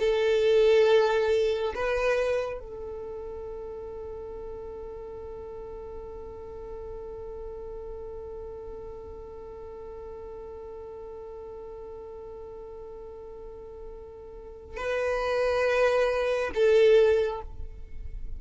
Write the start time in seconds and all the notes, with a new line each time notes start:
0.00 A4
1.75 B4
2.60 A4
14.77 B4
16.55 A4